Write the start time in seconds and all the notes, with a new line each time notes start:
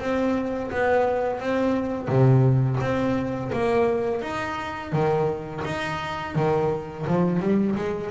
0.00 C4
0.71 B3
1.40 C4
2.08 C3
2.81 C4
3.53 A#3
4.22 D#4
4.93 D#3
5.65 D#4
6.36 D#3
7.07 F3
7.40 G3
7.76 G#3